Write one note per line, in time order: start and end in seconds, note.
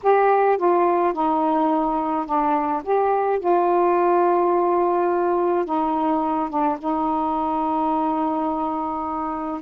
0.02 0.57 G4
0.57 1.13 F4
1.13 2.26 D#4
2.26 2.82 D4
2.83 3.39 G4
3.39 5.65 F4
5.65 6.49 D#4
6.49 6.77 D4
6.78 9.61 D#4